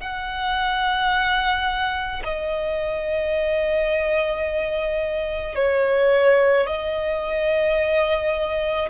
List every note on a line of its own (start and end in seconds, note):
0.00 2.22 F#5
2.24 5.55 D#5
5.55 6.66 C#5
6.66 8.88 D#5